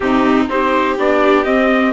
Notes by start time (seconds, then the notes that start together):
0.00 C3 C4 D#4 G4
0.48 C4 D#4 G4 C5
0.98 B3 D4 D5
1.44 C4 D#5